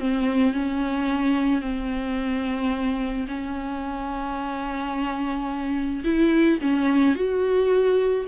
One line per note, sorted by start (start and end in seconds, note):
0.00 0.54 C4
0.54 1.62 C#4
1.62 3.27 C4
3.29 6.04 C#4
6.05 6.60 E4
6.62 7.16 C#4
7.16 8.26 F#4